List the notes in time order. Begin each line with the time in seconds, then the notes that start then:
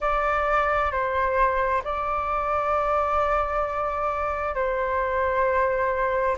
0.00 D5
0.91 C5
1.84 D5
4.55 C5